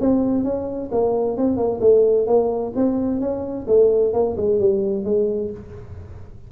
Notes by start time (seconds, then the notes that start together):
0.00 C4
0.44 C#4
0.91 A#3
1.37 C4
1.57 A#3
1.81 A3
2.27 A#3
2.76 C4
3.20 C#4
3.67 A3
4.13 A#3
4.37 G#3
4.60 G3
5.04 G#3